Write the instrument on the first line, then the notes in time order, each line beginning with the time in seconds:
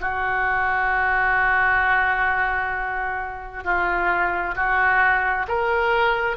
oboe
0.00 F#4
3.64 F4
4.55 F#4
5.48 A#4